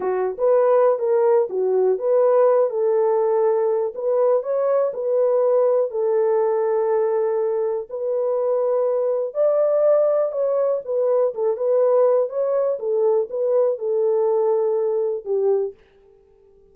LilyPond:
\new Staff \with { instrumentName = "horn" } { \time 4/4 \tempo 4 = 122 fis'8. b'4~ b'16 ais'4 fis'4 | b'4. a'2~ a'8 | b'4 cis''4 b'2 | a'1 |
b'2. d''4~ | d''4 cis''4 b'4 a'8 b'8~ | b'4 cis''4 a'4 b'4 | a'2. g'4 | }